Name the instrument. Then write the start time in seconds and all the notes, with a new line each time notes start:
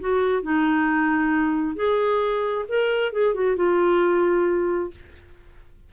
clarinet
0.00 F#4
0.43 D#4
1.76 G#4
2.68 A#4
3.13 G#4
3.34 F#4
3.57 F4